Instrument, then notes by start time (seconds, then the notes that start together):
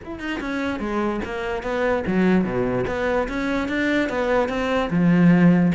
cello
0.04 E4
0.19 D#4
0.40 C#4
0.79 G#3
1.24 A#3
1.62 B3
2.06 F#3
2.44 B2
2.87 B3
3.28 C#4
3.68 D4
4.09 B3
4.48 C4
4.90 F3